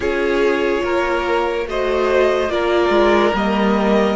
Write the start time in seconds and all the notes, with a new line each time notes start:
0.00 C#4 F4 G#4 C#5
0.83 A#3 A#4
1.66 A3 F#4 C5 D#5
2.49 A#3 F4 A#4 D5
2.89 G#3
3.34 G3 A#3 D#5